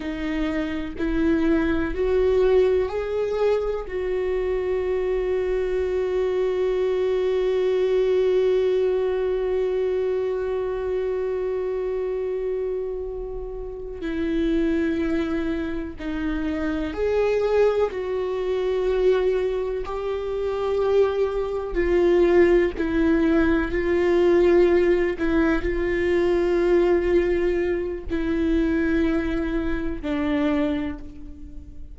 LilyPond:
\new Staff \with { instrumentName = "viola" } { \time 4/4 \tempo 4 = 62 dis'4 e'4 fis'4 gis'4 | fis'1~ | fis'1~ | fis'2~ fis'8 e'4.~ |
e'8 dis'4 gis'4 fis'4.~ | fis'8 g'2 f'4 e'8~ | e'8 f'4. e'8 f'4.~ | f'4 e'2 d'4 | }